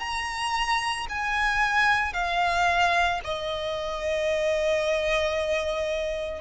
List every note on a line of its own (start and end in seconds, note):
0.00 1.07 A#5
1.10 2.13 G#5
2.13 3.20 F5
3.24 6.41 D#5